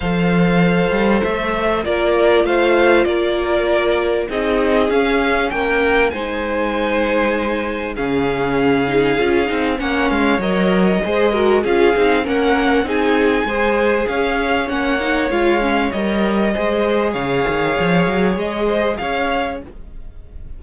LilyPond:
<<
  \new Staff \with { instrumentName = "violin" } { \time 4/4 \tempo 4 = 98 f''2 e''4 d''4 | f''4 d''2 dis''4 | f''4 g''4 gis''2~ | gis''4 f''2. |
fis''8 f''8 dis''2 f''4 | fis''4 gis''2 f''4 | fis''4 f''4 dis''2 | f''2 dis''4 f''4 | }
  \new Staff \with { instrumentName = "violin" } { \time 4/4 c''2. ais'4 | c''4 ais'2 gis'4~ | gis'4 ais'4 c''2~ | c''4 gis'2. |
cis''2 c''8 ais'8 gis'4 | ais'4 gis'4 c''4 cis''4~ | cis''2. c''4 | cis''2~ cis''8 c''8 cis''4 | }
  \new Staff \with { instrumentName = "viola" } { \time 4/4 a'2. f'4~ | f'2. dis'4 | cis'2 dis'2~ | dis'4 cis'4. dis'8 f'8 dis'8 |
cis'4 ais'4 gis'8 fis'8 f'8 dis'8 | cis'4 dis'4 gis'2 | cis'8 dis'8 f'8 cis'8 ais'4 gis'4~ | gis'1 | }
  \new Staff \with { instrumentName = "cello" } { \time 4/4 f4. g8 a4 ais4 | a4 ais2 c'4 | cis'4 ais4 gis2~ | gis4 cis2 cis'8 c'8 |
ais8 gis8 fis4 gis4 cis'8 c'8 | ais4 c'4 gis4 cis'4 | ais4 gis4 g4 gis4 | cis8 dis8 f8 fis8 gis4 cis'4 | }
>>